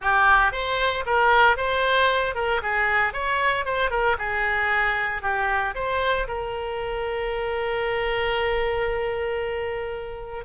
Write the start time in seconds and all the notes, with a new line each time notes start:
0.01 G4
0.52 C5
1.06 A#4
1.56 C5
2.35 A#4
2.62 G#4
3.13 C#5
3.65 C5
3.90 A#4
4.18 G#4
5.22 G4
5.74 C5
6.28 A#4